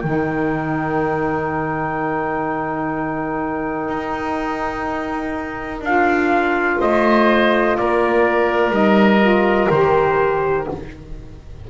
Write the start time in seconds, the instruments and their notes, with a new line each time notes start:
0.00 double bass D#3, saxophone D#4, oboe A#4, trumpet G5
3.89 double bass D#4
5.82 double bass D4, saxophone F4, trumpet F5
6.80 double bass A3, oboe C5, trumpet D#5
7.77 double bass A#3, oboe A#4, trumpet D5
8.71 double bass G3, saxophone D#4, trumpet D#5
9.21 saxophone F4
9.71 double bass D#3, saxophone G4, trumpet C5